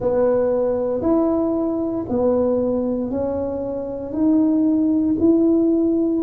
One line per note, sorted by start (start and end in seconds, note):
0.00 1.01 B3
1.01 2.05 E4
2.09 3.10 B3
3.10 4.12 C#4
4.12 5.15 D#4
5.19 6.22 E4